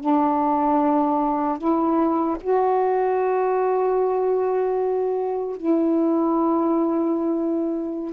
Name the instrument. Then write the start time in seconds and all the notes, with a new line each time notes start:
saxophone
0.00 D4
1.58 E4
2.40 F#4
5.56 E4